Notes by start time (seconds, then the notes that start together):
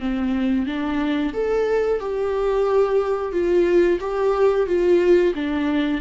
0.00 C4
0.66 D4
1.34 A4
2.00 G4
3.32 F4
4.00 G4
4.67 F4
5.35 D4